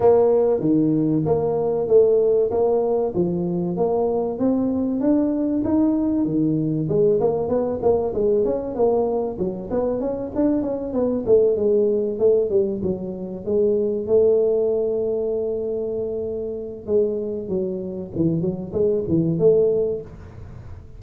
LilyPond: \new Staff \with { instrumentName = "tuba" } { \time 4/4 \tempo 4 = 96 ais4 dis4 ais4 a4 | ais4 f4 ais4 c'4 | d'4 dis'4 dis4 gis8 ais8 | b8 ais8 gis8 cis'8 ais4 fis8 b8 |
cis'8 d'8 cis'8 b8 a8 gis4 a8 | g8 fis4 gis4 a4.~ | a2. gis4 | fis4 e8 fis8 gis8 e8 a4 | }